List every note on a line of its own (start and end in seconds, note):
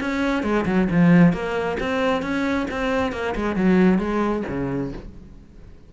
0.00 0.43 C#4
0.43 0.65 G#3
0.65 0.88 F#3
0.91 1.33 F3
1.33 1.77 A#3
1.80 2.22 C4
2.22 2.66 C#4
2.71 3.12 C4
3.12 3.34 A#3
3.35 3.56 G#3
3.56 3.99 F#3
3.99 4.43 G#3
4.48 4.92 C#3